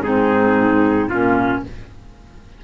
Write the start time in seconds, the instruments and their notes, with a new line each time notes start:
0.00 cello G#2, saxophone C4, clarinet D#4, trumpet G#4
1.09 cello A#2, saxophone A#3, clarinet C#4, trumpet F4